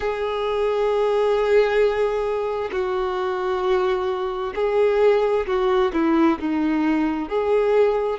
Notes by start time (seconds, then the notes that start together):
0.00 G#4
2.71 F#4
4.55 G#4
5.46 F#4
5.93 E4
6.39 D#4
7.29 G#4